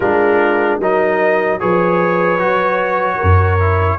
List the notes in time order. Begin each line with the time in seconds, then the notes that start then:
0.00 G#3 D4 F4 A#4
0.79 F#3 D#4 A#4 D#5
1.60 F3 G#4 B4 C#5
2.39 F#3 F#4
3.16 F#2 A#4
3.59 E4